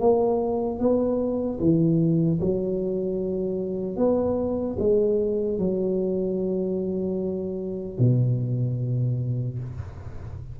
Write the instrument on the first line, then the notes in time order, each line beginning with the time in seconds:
tuba
0.00 A#3
0.80 B3
1.60 E3
2.41 F#3
3.97 B3
4.79 G#3
5.59 F#3
7.99 B2